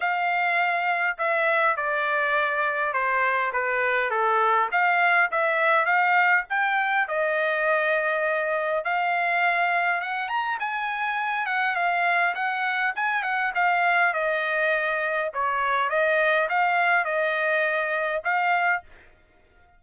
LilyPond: \new Staff \with { instrumentName = "trumpet" } { \time 4/4 \tempo 4 = 102 f''2 e''4 d''4~ | d''4 c''4 b'4 a'4 | f''4 e''4 f''4 g''4 | dis''2. f''4~ |
f''4 fis''8 ais''8 gis''4. fis''8 | f''4 fis''4 gis''8 fis''8 f''4 | dis''2 cis''4 dis''4 | f''4 dis''2 f''4 | }